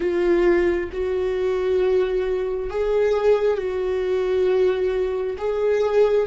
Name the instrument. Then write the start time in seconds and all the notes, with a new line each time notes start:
viola
0.00 F4
0.92 F#4
2.69 G#4
3.57 F#4
5.38 G#4